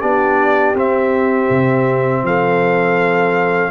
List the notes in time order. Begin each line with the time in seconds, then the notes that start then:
0.00 B3 D4 G4 D5
0.74 C4 E5
1.49 C3
2.23 F3 A4 F5